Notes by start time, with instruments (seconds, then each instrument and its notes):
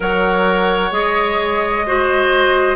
0.00 bassoon F#3, clarinet A#4, oboe C#5, flute F#5
0.91 bassoon G#3, clarinet G#4, flute D#5
1.86 clarinet F#4, oboe C5